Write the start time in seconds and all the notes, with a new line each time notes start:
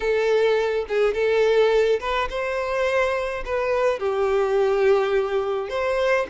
0.00 A4
0.88 G#4
1.14 A4
1.99 B4
2.29 C5
3.45 B4
3.99 G4
5.69 C5